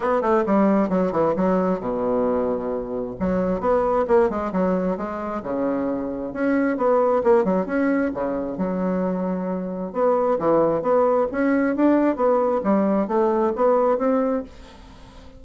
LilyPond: \new Staff \with { instrumentName = "bassoon" } { \time 4/4 \tempo 4 = 133 b8 a8 g4 fis8 e8 fis4 | b,2. fis4 | b4 ais8 gis8 fis4 gis4 | cis2 cis'4 b4 |
ais8 fis8 cis'4 cis4 fis4~ | fis2 b4 e4 | b4 cis'4 d'4 b4 | g4 a4 b4 c'4 | }